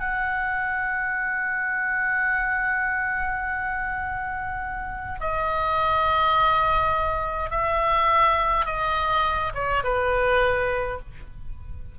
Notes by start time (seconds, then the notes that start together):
0.00 F#5
5.20 D#5
7.51 E5
8.66 D#5
9.55 C#5
9.84 B4